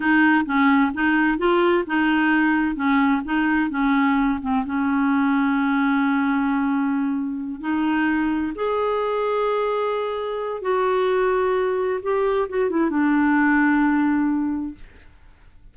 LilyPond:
\new Staff \with { instrumentName = "clarinet" } { \time 4/4 \tempo 4 = 130 dis'4 cis'4 dis'4 f'4 | dis'2 cis'4 dis'4 | cis'4. c'8 cis'2~ | cis'1~ |
cis'8 dis'2 gis'4.~ | gis'2. fis'4~ | fis'2 g'4 fis'8 e'8 | d'1 | }